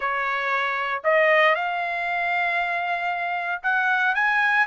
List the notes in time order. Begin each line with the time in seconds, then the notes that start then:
0.00 C#5
1.03 D#5
1.55 F5
3.63 F#5
4.14 G#5